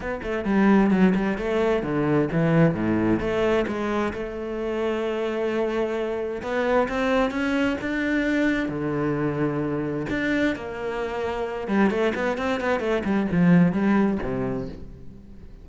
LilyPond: \new Staff \with { instrumentName = "cello" } { \time 4/4 \tempo 4 = 131 b8 a8 g4 fis8 g8 a4 | d4 e4 a,4 a4 | gis4 a2.~ | a2 b4 c'4 |
cis'4 d'2 d4~ | d2 d'4 ais4~ | ais4. g8 a8 b8 c'8 b8 | a8 g8 f4 g4 c4 | }